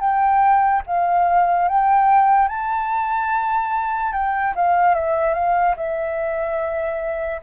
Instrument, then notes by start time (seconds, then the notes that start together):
flute
0.00 G5
0.87 F5
1.68 G5
2.48 A5
4.12 G5
4.55 F5
4.94 E5
5.34 F5
5.76 E5